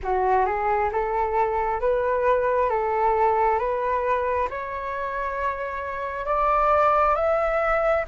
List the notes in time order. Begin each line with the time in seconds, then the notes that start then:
0.02 F#4
0.45 G#4
0.92 A4
1.80 B4
2.69 A4
3.58 B4
4.50 C#5
6.25 D5
7.15 E5